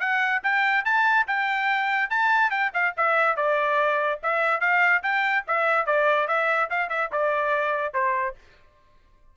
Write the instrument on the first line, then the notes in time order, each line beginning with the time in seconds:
trumpet
0.00 F#5
0.43 G5
0.84 A5
1.27 G5
2.10 A5
2.50 G5
2.73 F5
2.97 E5
3.36 D5
4.23 E5
4.60 F5
5.03 G5
5.47 E5
5.86 D5
6.27 E5
6.70 F5
6.89 E5
7.12 D5
7.93 C5